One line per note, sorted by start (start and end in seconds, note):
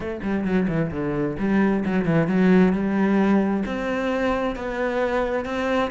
0.00 0.20 A3
0.22 0.44 G3
0.44 0.67 F#3
0.68 0.90 E3
0.91 1.36 D3
1.38 1.84 G3
1.85 2.05 F#3
2.05 2.27 E3
2.27 2.73 F#3
2.73 3.63 G3
3.65 4.55 C4
4.55 5.45 B3
5.45 5.90 C4